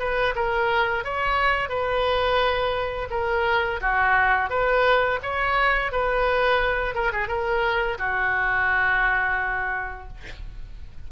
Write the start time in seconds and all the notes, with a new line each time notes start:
0.00 B4
0.36 A#4
1.05 C#5
1.69 B4
3.11 A#4
3.82 F#4
4.50 B4
5.23 C#5
5.92 B4
6.95 A#4
7.13 G#4
7.28 A#4
7.99 F#4